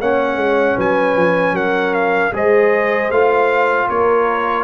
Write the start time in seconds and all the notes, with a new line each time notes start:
0.00 A#3 C#4 C#5 F#5
0.36 G#3
0.76 F#3 B4 G#5
1.16 F3
1.52 F#3 A#4 F#5
1.94 F5
2.32 G#3 G#4 C5 D#5
3.11 A3 F4 F5
3.88 A#3 A#4 C#5